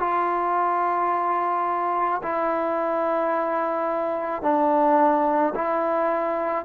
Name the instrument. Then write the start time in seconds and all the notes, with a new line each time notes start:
trombone
0.00 F4
2.23 E4
4.43 D4
5.55 E4